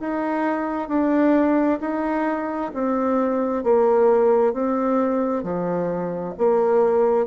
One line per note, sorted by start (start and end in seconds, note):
0.00 0.88 D#4
0.88 1.79 D4
1.81 2.71 D#4
2.74 3.64 C4
3.64 4.53 A#3
4.53 5.43 C4
5.43 6.34 F3
6.38 7.27 A#3